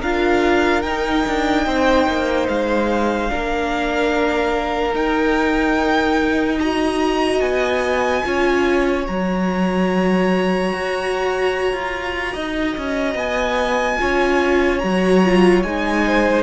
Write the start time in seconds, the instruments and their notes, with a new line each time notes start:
0.00 cello D4, viola F4, violin A#4 F5
0.82 cello D#4, viola D#4, violin G5
1.26 cello D4
1.66 cello C4, violin C5
2.07 cello A#3
2.48 cello G#3, violin F5
3.28 cello A#3, viola D4, violin A#4
4.94 cello D#4, viola D#4, violin G5
6.59 viola F#4, violin D#5 A#5
7.40 cello B3, violin G#5
8.24 cello C#4, viola F4, violin C#5
9.05 cello F#3, viola F#4, violin A#5
10.73 cello F#4
11.73 cello F4
12.33 cello D#4, violin D#5
12.77 cello C#4
13.15 cello B3, violin G#5
13.98 cello C#4, viola F4, violin C#5
14.79 cello F#3, viola F#4, violin A#5
15.25 viola F4
15.63 cello G#3, viola D#4, violin G#5
16.07 violin C5